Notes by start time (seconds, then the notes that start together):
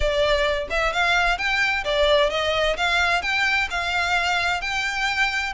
0.00 D5
0.70 E5
0.93 F5
1.37 G5
1.84 D5
2.30 D#5
2.77 F5
3.22 G5
3.70 F5
4.61 G5